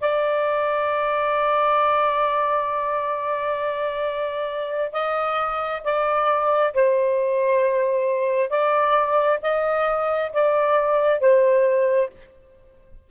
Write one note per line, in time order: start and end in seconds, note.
0.00 4.92 D5
4.92 5.82 D#5
5.83 6.73 D5
6.73 8.49 C5
8.49 9.39 D5
9.42 10.31 D#5
10.32 11.20 D5
11.20 12.09 C5